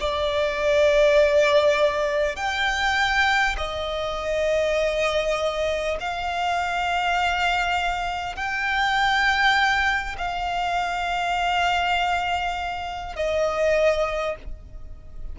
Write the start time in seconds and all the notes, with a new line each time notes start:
0.00 D5
2.36 G5
3.57 D#5
6.00 F5
8.36 G5
10.18 F5
13.16 D#5